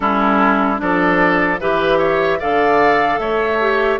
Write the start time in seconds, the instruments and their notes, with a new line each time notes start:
0.00 bassoon G3, clarinet C#4, oboe E4, flute A4
0.77 bassoon F3, clarinet D4, oboe A4, flute D5
1.60 bassoon E3, clarinet G4, oboe B4, flute E5
1.98 oboe C#5
2.39 bassoon D3, clarinet A4, oboe D5, flute F5
3.18 bassoon A3, oboe C#5, flute E5
3.60 clarinet G4